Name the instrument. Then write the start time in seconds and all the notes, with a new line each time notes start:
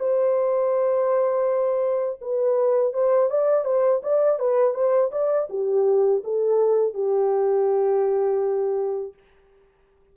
horn
0.00 C5
2.22 B4
2.94 C5
3.31 D5
3.65 C5
4.03 D5
4.40 B4
4.75 C5
5.12 D5
5.50 G4
6.24 A4
6.95 G4